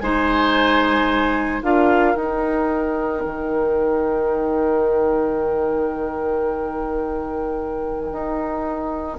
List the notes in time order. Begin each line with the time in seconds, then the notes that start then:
0.00 G#3 D#4 C5 G#5
1.63 D4 F4 A#4 F5
2.16 D#4 G5
3.26 D#3
8.12 D#4